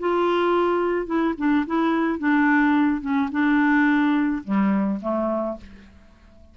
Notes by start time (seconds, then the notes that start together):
0.00 F4
1.07 E4
1.38 D4
1.66 E4
2.19 D4
3.02 C#4
3.32 D4
4.44 G3
5.02 A3